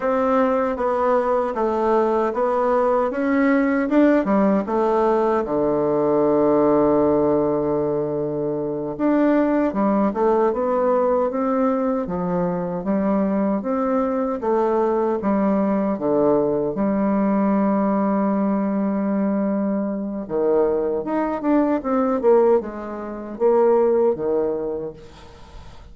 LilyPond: \new Staff \with { instrumentName = "bassoon" } { \time 4/4 \tempo 4 = 77 c'4 b4 a4 b4 | cis'4 d'8 g8 a4 d4~ | d2.~ d8 d'8~ | d'8 g8 a8 b4 c'4 f8~ |
f8 g4 c'4 a4 g8~ | g8 d4 g2~ g8~ | g2 dis4 dis'8 d'8 | c'8 ais8 gis4 ais4 dis4 | }